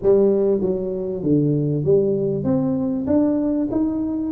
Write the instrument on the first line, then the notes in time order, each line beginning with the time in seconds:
tuba
0.02 G3
0.60 F#3
1.23 D3
1.84 G3
2.44 C4
3.06 D4
3.71 D#4